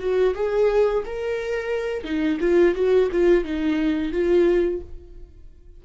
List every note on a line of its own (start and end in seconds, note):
0.00 0.34 F#4
0.35 1.04 G#4
1.06 2.04 A#4
2.04 2.39 D#4
2.41 2.75 F4
2.76 3.10 F#4
3.12 3.45 F4
3.45 4.13 D#4
4.13 4.82 F4